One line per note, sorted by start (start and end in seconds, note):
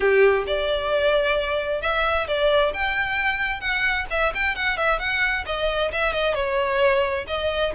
0.00 0.44 G4
0.47 1.81 D5
1.81 2.27 E5
2.27 2.73 D5
2.73 3.60 G5
3.60 4.05 F#5
4.10 4.33 E5
4.34 4.55 G5
4.55 4.77 F#5
4.77 4.99 E5
4.99 5.44 F#5
5.46 5.91 D#5
5.92 6.12 E5
6.12 6.34 D#5
6.34 7.25 C#5
7.27 7.73 D#5